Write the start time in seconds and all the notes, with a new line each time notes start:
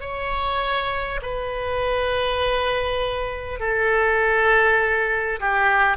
0.00 C#5
1.22 B4
3.59 A4
5.39 G4